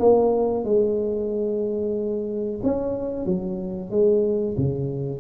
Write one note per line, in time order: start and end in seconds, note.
0.00 0.65 A#3
0.65 2.61 G#3
2.64 3.26 C#4
3.26 3.91 F#3
3.91 4.56 G#3
4.57 5.20 C#3